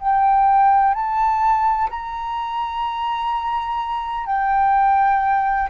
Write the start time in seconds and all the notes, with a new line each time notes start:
0.00 G5
0.94 A5
1.90 A#5
4.27 G5